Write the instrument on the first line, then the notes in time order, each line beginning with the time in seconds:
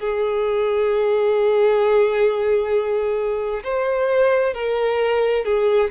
violin
0.00 G#4
3.64 C5
4.55 A#4
5.45 G#4